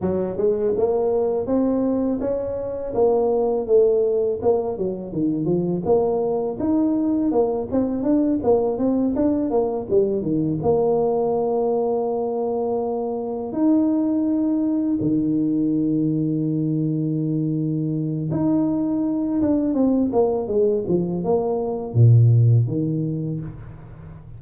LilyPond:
\new Staff \with { instrumentName = "tuba" } { \time 4/4 \tempo 4 = 82 fis8 gis8 ais4 c'4 cis'4 | ais4 a4 ais8 fis8 dis8 f8 | ais4 dis'4 ais8 c'8 d'8 ais8 | c'8 d'8 ais8 g8 dis8 ais4.~ |
ais2~ ais8 dis'4.~ | dis'8 dis2.~ dis8~ | dis4 dis'4. d'8 c'8 ais8 | gis8 f8 ais4 ais,4 dis4 | }